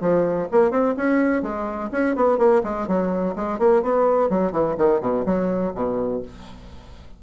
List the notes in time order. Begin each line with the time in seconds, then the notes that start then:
0.00 F3
0.51 A#3
0.70 C4
0.97 C#4
1.42 G#3
1.91 C#4
2.15 B3
2.38 A#3
2.63 G#3
2.87 F#3
3.35 G#3
3.59 A#3
3.82 B3
4.29 F#3
4.52 E3
4.77 D#3
5.01 B2
5.25 F#3
5.74 B2